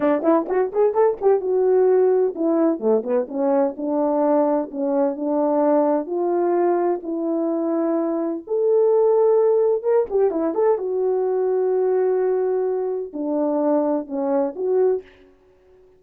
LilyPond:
\new Staff \with { instrumentName = "horn" } { \time 4/4 \tempo 4 = 128 d'8 e'8 fis'8 gis'8 a'8 g'8 fis'4~ | fis'4 e'4 a8 b8 cis'4 | d'2 cis'4 d'4~ | d'4 f'2 e'4~ |
e'2 a'2~ | a'4 ais'8 g'8 e'8 a'8 fis'4~ | fis'1 | d'2 cis'4 fis'4 | }